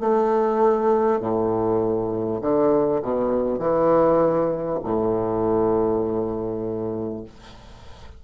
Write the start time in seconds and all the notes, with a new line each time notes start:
0.00 A3
1.20 A2
2.42 D3
3.02 B2
3.59 E3
4.84 A2